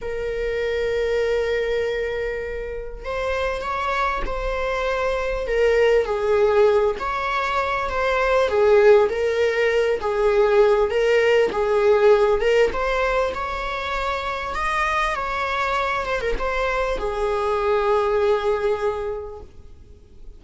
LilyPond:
\new Staff \with { instrumentName = "viola" } { \time 4/4 \tempo 4 = 99 ais'1~ | ais'4 c''4 cis''4 c''4~ | c''4 ais'4 gis'4. cis''8~ | cis''4 c''4 gis'4 ais'4~ |
ais'8 gis'4. ais'4 gis'4~ | gis'8 ais'8 c''4 cis''2 | dis''4 cis''4. c''16 ais'16 c''4 | gis'1 | }